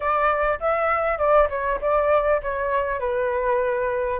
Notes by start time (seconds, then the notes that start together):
0.00 D5
0.60 E5
1.18 D5
1.49 C#5
1.81 D5
2.42 C#5
2.99 B4